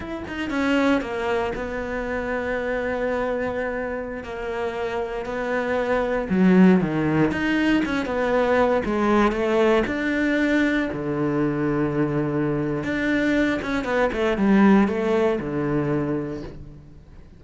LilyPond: \new Staff \with { instrumentName = "cello" } { \time 4/4 \tempo 4 = 117 e'8 dis'8 cis'4 ais4 b4~ | b1~ | b16 ais2 b4.~ b16~ | b16 fis4 dis4 dis'4 cis'8 b16~ |
b4~ b16 gis4 a4 d'8.~ | d'4~ d'16 d2~ d8.~ | d4 d'4. cis'8 b8 a8 | g4 a4 d2 | }